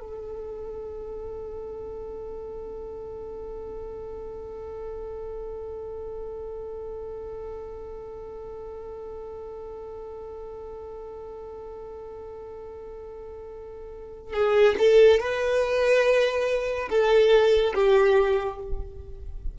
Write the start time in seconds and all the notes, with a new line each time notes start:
0.00 A4
14.34 G#4
14.78 A4
15.20 B4
16.89 A4
17.74 G4